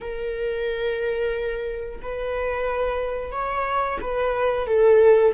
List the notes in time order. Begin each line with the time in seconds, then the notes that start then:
0.00 A#4
2.02 B4
3.31 C#5
4.01 B4
4.67 A4